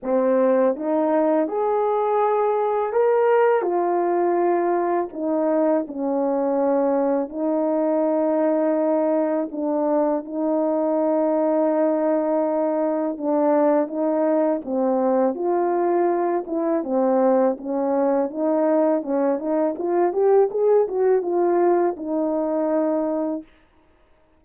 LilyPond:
\new Staff \with { instrumentName = "horn" } { \time 4/4 \tempo 4 = 82 c'4 dis'4 gis'2 | ais'4 f'2 dis'4 | cis'2 dis'2~ | dis'4 d'4 dis'2~ |
dis'2 d'4 dis'4 | c'4 f'4. e'8 c'4 | cis'4 dis'4 cis'8 dis'8 f'8 g'8 | gis'8 fis'8 f'4 dis'2 | }